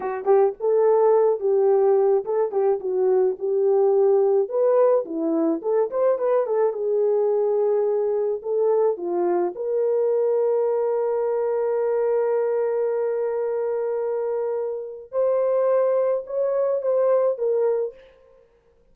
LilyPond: \new Staff \with { instrumentName = "horn" } { \time 4/4 \tempo 4 = 107 fis'8 g'8 a'4. g'4. | a'8 g'8 fis'4 g'2 | b'4 e'4 a'8 c''8 b'8 a'8 | gis'2. a'4 |
f'4 ais'2.~ | ais'1~ | ais'2. c''4~ | c''4 cis''4 c''4 ais'4 | }